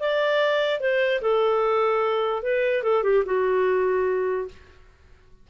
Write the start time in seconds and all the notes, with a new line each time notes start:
0.00 D5
0.81 C5
1.22 A4
2.43 B4
2.83 A4
3.04 G4
3.26 F#4